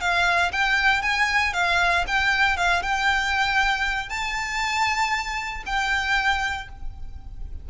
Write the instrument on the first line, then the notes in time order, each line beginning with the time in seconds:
violin
0.00 F5
0.52 G5
1.02 G#5
1.53 F5
2.07 G5
2.57 F5
2.82 G5
4.09 A5
5.66 G5